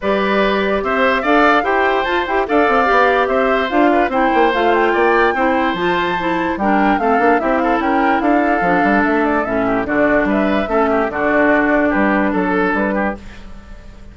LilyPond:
<<
  \new Staff \with { instrumentName = "flute" } { \time 4/4 \tempo 4 = 146 d''2 e''4 f''4 | g''4 a''8 g''8 f''2 | e''4 f''4 g''4 f''8 g''8~ | g''2 a''2 |
g''4 f''4 e''8 f''8 g''4 | f''2 e''8 d''8 e''4 | d''4 e''2 d''4~ | d''4 b'4 a'4 b'4 | }
  \new Staff \with { instrumentName = "oboe" } { \time 4/4 b'2 c''4 d''4 | c''2 d''2 | c''4. b'8 c''2 | d''4 c''2. |
ais'4 a'4 g'8 a'8 ais'4 | a'2.~ a'8 g'8 | fis'4 b'4 a'8 g'8 fis'4~ | fis'4 g'4 a'4. g'8 | }
  \new Staff \with { instrumentName = "clarinet" } { \time 4/4 g'2. a'4 | g'4 f'8 g'8 a'4 g'4~ | g'4 f'4 e'4 f'4~ | f'4 e'4 f'4 e'4 |
d'4 c'8 d'8 e'2~ | e'4 d'2 cis'4 | d'2 cis'4 d'4~ | d'1 | }
  \new Staff \with { instrumentName = "bassoon" } { \time 4/4 g2 c'4 d'4 | e'4 f'8 e'8 d'8 c'8 b4 | c'4 d'4 c'8 ais8 a4 | ais4 c'4 f2 |
g4 a8 ais8 c'4 cis'4 | d'4 f8 g8 a4 a,4 | d4 g4 a4 d4~ | d4 g4 fis4 g4 | }
>>